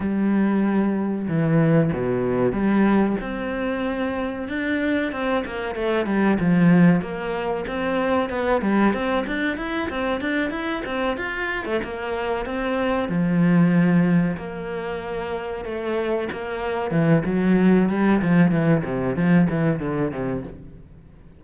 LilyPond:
\new Staff \with { instrumentName = "cello" } { \time 4/4 \tempo 4 = 94 g2 e4 b,4 | g4 c'2 d'4 | c'8 ais8 a8 g8 f4 ais4 | c'4 b8 g8 c'8 d'8 e'8 c'8 |
d'8 e'8 c'8 f'8. a16 ais4 c'8~ | c'8 f2 ais4.~ | ais8 a4 ais4 e8 fis4 | g8 f8 e8 c8 f8 e8 d8 c8 | }